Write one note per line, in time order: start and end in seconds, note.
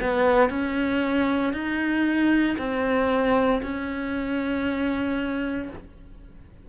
0.00 0.49 B3
0.49 1.53 C#4
1.53 2.56 D#4
2.58 3.61 C4
3.62 5.69 C#4